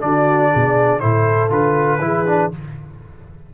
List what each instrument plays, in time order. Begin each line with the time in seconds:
0.00 tuba D3, trombone D4, horn F#4, trumpet D5
0.51 tuba B2, horn G#4
1.00 tuba A2, trombone E4, horn A4, trumpet C5
1.49 tuba D3, trombone F4, trumpet B4
1.99 tuba E3, trombone E4, horn G#4
2.26 trombone D4